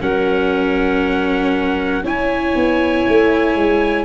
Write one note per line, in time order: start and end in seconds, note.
0.00 2.03 F#3
0.00 2.03 C#4
0.00 2.04 A#4
0.00 2.05 F#5
2.03 2.54 C#4
2.03 4.04 E4
2.03 4.04 C#5
2.03 4.04 G#5
2.55 3.06 B3
3.08 3.56 A3
3.56 4.04 G#3